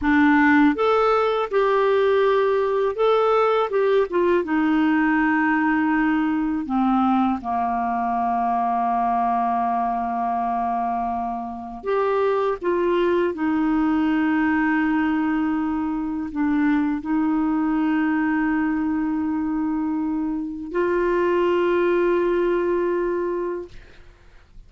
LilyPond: \new Staff \with { instrumentName = "clarinet" } { \time 4/4 \tempo 4 = 81 d'4 a'4 g'2 | a'4 g'8 f'8 dis'2~ | dis'4 c'4 ais2~ | ais1 |
g'4 f'4 dis'2~ | dis'2 d'4 dis'4~ | dis'1 | f'1 | }